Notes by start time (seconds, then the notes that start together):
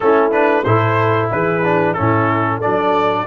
0.00 A3 C#4 E4 A4
0.31 D4 B4
0.64 A2 E4 A4 C5
1.31 E3 G#4 B4
1.63 D4
1.93 A2 C#4 E4 A4
2.57 D4 A4 D5
2.65 F#3